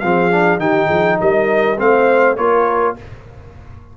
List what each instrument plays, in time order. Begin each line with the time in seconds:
0.00 tuba F3, trombone C4, horn G#4, trumpet F5
0.31 trombone D4
0.59 tuba D#3, trombone D#4, horn G4, trumpet G5
0.86 tuba F3, horn G#4
1.21 tuba G3, horn A#4, trumpet D#5
1.78 tuba A3, trombone C4, horn C5, trumpet F5
2.37 tuba A#3, trombone F4, horn A#4, trumpet C#5